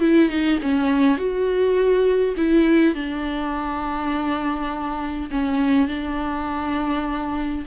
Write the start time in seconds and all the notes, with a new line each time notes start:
0.00 E4
0.29 D#4
0.62 C#4
1.17 F#4
2.37 E4
2.94 D4
5.31 C#4
5.88 D4